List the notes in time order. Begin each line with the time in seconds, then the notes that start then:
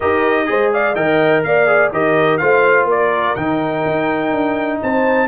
0.00 D#4 G4 A#4 D#5
0.45 G#3 G#4 C5
0.73 D5 F5
0.94 D#3 A#4 D#5 G5
1.43 A#3 D5 F5
1.67 G#4
1.92 D#3 G4 A#4 D#5
2.37 A3 F4 C5 F5
2.84 A#3 A#4
2.90 D5
3.35 D#3 D#4 G5
3.85 D#4
4.31 D4
4.82 C4 C5 A5